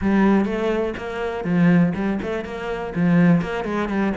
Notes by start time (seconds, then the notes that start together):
0.01 G3
0.45 A3
0.97 A#3
1.44 F3
1.94 G3
2.22 A3
2.44 A#3
2.95 F3
3.41 A#3
3.64 G#3
3.88 G3